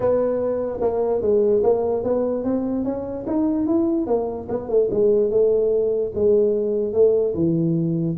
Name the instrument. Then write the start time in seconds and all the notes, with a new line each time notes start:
tuba
0.00 B3
0.80 A#3
1.21 G#3
1.63 A#3
2.03 B3
2.44 C4
2.84 C#4
3.26 D#4
3.66 E4
4.06 A#3
4.48 B3
4.68 A3
4.91 G#3
5.30 A3
6.14 G#3
6.93 A3
7.34 E3